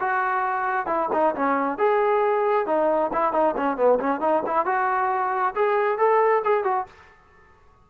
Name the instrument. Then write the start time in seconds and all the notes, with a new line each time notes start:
trombone
0.00 F#4
0.87 E4
1.13 D#4
1.36 C#4
1.78 G#4
2.67 D#4
3.13 E4
3.33 D#4
3.57 C#4
3.77 B3
4.00 C#4
4.21 D#4
4.47 E4
4.66 F#4
5.55 G#4
5.98 A4
6.45 G#4
6.64 F#4